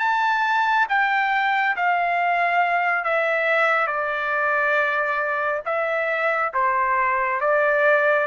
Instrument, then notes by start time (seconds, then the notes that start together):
trumpet
0.00 A5
0.89 G5
1.77 F5
3.04 E5
3.87 D5
5.66 E5
6.54 C5
7.41 D5